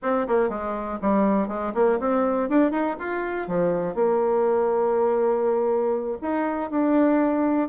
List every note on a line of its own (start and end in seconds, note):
0.02 0.27 C4
0.27 0.49 A#3
0.49 0.98 G#3
1.01 1.47 G3
1.47 1.72 G#3
1.74 1.99 A#3
1.99 2.49 C4
2.49 2.71 D4
2.71 2.96 D#4
2.99 3.47 F4
3.47 3.94 F3
3.94 6.18 A#3
6.21 6.70 D#4
6.70 7.69 D4